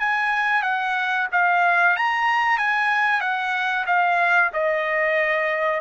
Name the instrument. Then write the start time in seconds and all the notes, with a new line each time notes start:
trumpet
0.00 G#5
0.63 F#5
1.32 F5
1.97 A#5
2.58 G#5
3.21 F#5
3.87 F5
4.54 D#5